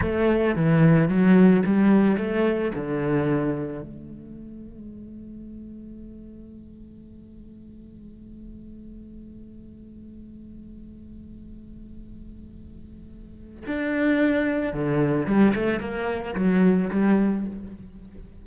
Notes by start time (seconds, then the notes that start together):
0.01 A3
0.55 E3
1.08 F#3
1.65 G3
2.17 A3
2.74 D3
3.82 A3
13.67 D4
14.72 D3
15.26 G3
15.55 A3
15.79 A#3
16.35 F#3
16.90 G3